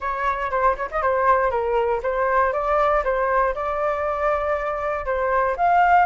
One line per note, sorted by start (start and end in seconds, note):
0.00 0.50 C#5
0.50 0.75 C5
0.76 0.89 C#5
0.91 1.02 D#5
1.02 1.50 C5
1.50 2.01 A#4
2.02 2.53 C5
2.53 3.03 D5
3.03 3.54 C5
3.54 5.05 D5
5.05 5.56 C5
5.56 6.05 F5